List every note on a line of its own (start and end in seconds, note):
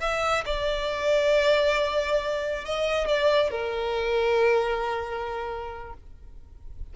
0.00 0.44 E5
0.45 2.65 D5
2.65 3.08 D#5
3.08 3.51 D5
3.51 5.93 A#4